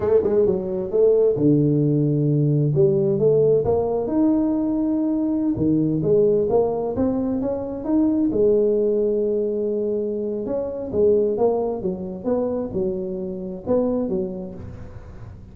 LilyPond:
\new Staff \with { instrumentName = "tuba" } { \time 4/4 \tempo 4 = 132 a8 gis8 fis4 a4 d4~ | d2 g4 a4 | ais4 dis'2.~ | dis'16 dis4 gis4 ais4 c'8.~ |
c'16 cis'4 dis'4 gis4.~ gis16~ | gis2. cis'4 | gis4 ais4 fis4 b4 | fis2 b4 fis4 | }